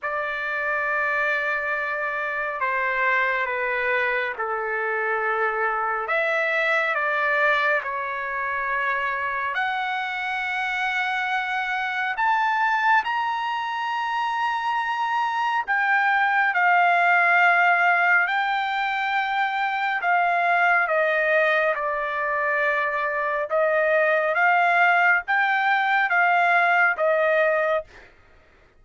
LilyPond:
\new Staff \with { instrumentName = "trumpet" } { \time 4/4 \tempo 4 = 69 d''2. c''4 | b'4 a'2 e''4 | d''4 cis''2 fis''4~ | fis''2 a''4 ais''4~ |
ais''2 g''4 f''4~ | f''4 g''2 f''4 | dis''4 d''2 dis''4 | f''4 g''4 f''4 dis''4 | }